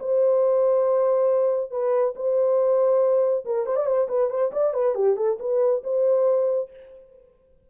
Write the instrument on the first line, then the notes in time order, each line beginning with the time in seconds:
horn
0.00 C5
1.71 B4
2.16 C5
3.46 A#4
3.67 C5
3.76 D5
3.87 C5
4.09 B4
4.30 C5
4.52 D5
4.74 B4
4.95 G4
5.17 A4
5.40 B4
5.84 C5